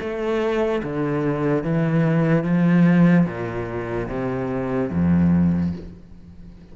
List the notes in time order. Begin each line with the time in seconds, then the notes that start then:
0.00 A3
0.83 D3
1.64 E3
2.44 F3
3.26 A#2
4.09 C3
4.91 F2